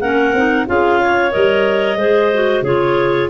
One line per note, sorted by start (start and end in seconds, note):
0.00 0.33 A#3
0.00 0.35 C#4
0.00 0.66 A#4
0.00 0.66 F#5
0.33 0.66 C4
0.33 0.67 D#4
0.67 1.34 C#4
0.67 1.31 F4
0.67 1.00 G#4
0.67 1.32 F5
1.00 1.98 C#5
1.31 1.96 G3
1.31 1.97 A#4
1.31 2.63 D#5
1.96 2.62 G#3
1.96 2.32 G#4
1.96 2.63 C5
2.34 2.65 F#4
2.62 3.28 C#3
2.62 3.29 F4
2.62 3.29 G#4
2.62 3.29 C#5